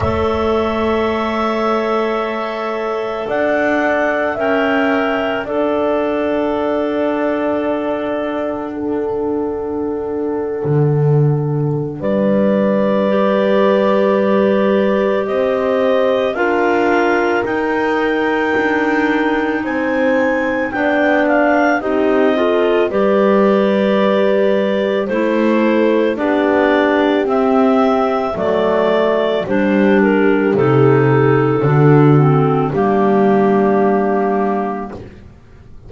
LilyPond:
<<
  \new Staff \with { instrumentName = "clarinet" } { \time 4/4 \tempo 4 = 55 e''2. fis''4 | g''4 fis''2.~ | fis''2. d''4~ | d''2 dis''4 f''4 |
g''2 gis''4 g''8 f''8 | dis''4 d''2 c''4 | d''4 e''4 d''4 c''8 ais'8 | a'2 g'2 | }
  \new Staff \with { instrumentName = "horn" } { \time 4/4 cis''2. d''4 | e''4 d''2. | a'2. b'4~ | b'2 c''4 ais'4~ |
ais'2 c''4 d''4 | g'8 a'8 b'2 a'4 | g'2 a'4 g'4~ | g'4 fis'4 d'2 | }
  \new Staff \with { instrumentName = "clarinet" } { \time 4/4 a'1 | ais'4 a'2. | d'1 | g'2. f'4 |
dis'2. d'4 | dis'8 f'8 g'2 e'4 | d'4 c'4 a4 d'4 | dis'4 d'8 c'8 ais2 | }
  \new Staff \with { instrumentName = "double bass" } { \time 4/4 a2. d'4 | cis'4 d'2.~ | d'4.~ d'16 d4~ d16 g4~ | g2 c'4 d'4 |
dis'4 d'4 c'4 b4 | c'4 g2 a4 | b4 c'4 fis4 g4 | c4 d4 g2 | }
>>